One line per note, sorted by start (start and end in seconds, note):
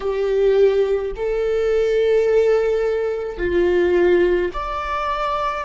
0.00 1.12 G4
1.15 3.38 A4
3.38 4.51 F4
4.53 5.64 D5